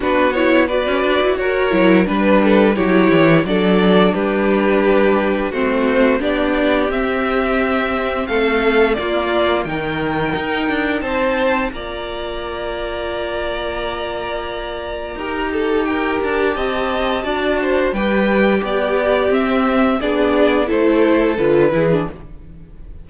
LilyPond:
<<
  \new Staff \with { instrumentName = "violin" } { \time 4/4 \tempo 4 = 87 b'8 cis''8 d''4 cis''4 b'4 | cis''4 d''4 b'2 | c''4 d''4 e''2 | f''4 d''4 g''2 |
a''4 ais''2.~ | ais''2. g''8 a''8~ | a''2 g''4 d''4 | e''4 d''4 c''4 b'4 | }
  \new Staff \with { instrumentName = "violin" } { \time 4/4 fis'4 b'4 ais'4 b'8 a'8 | g'4 a'4 g'2 | fis'4 g'2. | a'4 f'4 ais'2 |
c''4 d''2.~ | d''2 ais'8 a'8 ais'4 | dis''4 d''8 c''8 b'4 g'4~ | g'4 gis'4 a'4. gis'8 | }
  \new Staff \with { instrumentName = "viola" } { \time 4/4 d'8 e'8 fis'4. e'8 d'4 | e'4 d'2. | c'4 d'4 c'2~ | c'4 ais4 dis'2~ |
dis'4 f'2.~ | f'2 g'2~ | g'4 fis'4 g'2 | c'4 d'4 e'4 f'8 e'16 d'16 | }
  \new Staff \with { instrumentName = "cello" } { \time 4/4 b4~ b16 cis'16 d'16 e'16 fis'8 fis8 g4 | fis8 e8 fis4 g2 | a4 b4 c'2 | a4 ais4 dis4 dis'8 d'8 |
c'4 ais2.~ | ais2 dis'4. d'8 | c'4 d'4 g4 b4 | c'4 b4 a4 d8 e8 | }
>>